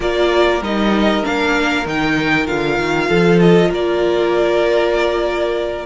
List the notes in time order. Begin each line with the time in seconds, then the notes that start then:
0.00 A#3 F4 A#4 D5
0.61 G3 D#4 D#5
1.22 A#3 D4 F5
1.85 D#3 D#4 G5
2.46 D3 F4 F5
2.78 D#3
3.08 F3 A4
3.40 D#5
3.69 A#3 A#4 D5